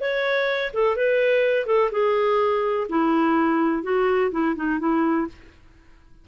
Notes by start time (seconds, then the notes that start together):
0.00 C#5
0.73 A4
0.96 B4
1.66 A4
1.91 G#4
2.89 E4
3.83 F#4
4.31 E4
4.56 D#4
4.79 E4